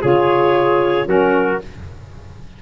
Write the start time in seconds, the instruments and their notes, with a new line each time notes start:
0.00 tuba C#3, saxophone F4, trumpet G#4, clarinet C#5
1.06 tuba F#3, saxophone C#4, trumpet F#4, clarinet A#4